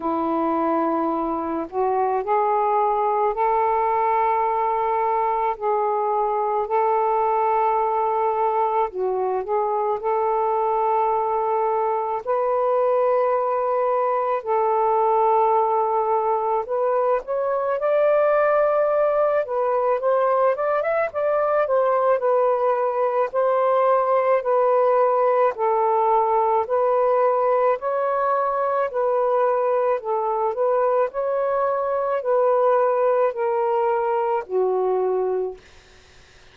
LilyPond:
\new Staff \with { instrumentName = "saxophone" } { \time 4/4 \tempo 4 = 54 e'4. fis'8 gis'4 a'4~ | a'4 gis'4 a'2 | fis'8 gis'8 a'2 b'4~ | b'4 a'2 b'8 cis''8 |
d''4. b'8 c''8 d''16 e''16 d''8 c''8 | b'4 c''4 b'4 a'4 | b'4 cis''4 b'4 a'8 b'8 | cis''4 b'4 ais'4 fis'4 | }